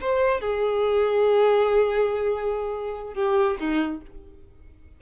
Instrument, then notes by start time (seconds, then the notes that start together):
violin
0.00 C5
0.40 G#4
3.14 G4
3.59 D#4